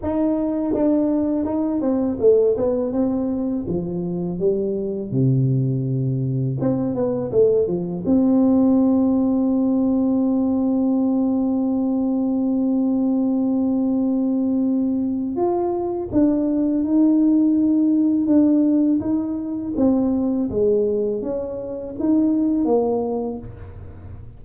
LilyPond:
\new Staff \with { instrumentName = "tuba" } { \time 4/4 \tempo 4 = 82 dis'4 d'4 dis'8 c'8 a8 b8 | c'4 f4 g4 c4~ | c4 c'8 b8 a8 f8 c'4~ | c'1~ |
c'1~ | c'4 f'4 d'4 dis'4~ | dis'4 d'4 dis'4 c'4 | gis4 cis'4 dis'4 ais4 | }